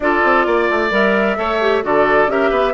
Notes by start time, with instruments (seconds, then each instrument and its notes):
0.00 bassoon D4, clarinet F4, oboe A4, flute D5
0.23 bassoon C4
0.46 bassoon A#3, oboe D5
0.70 bassoon A3
0.90 bassoon G3, clarinet A#4, flute E5
1.36 bassoon A3, clarinet A4, oboe C#5
1.61 clarinet G4
1.83 bassoon D3, clarinet F#4, oboe A4, flute D5
2.27 bassoon C#4, clarinet G4, oboe A#4, flute E5
2.50 bassoon B3, oboe B4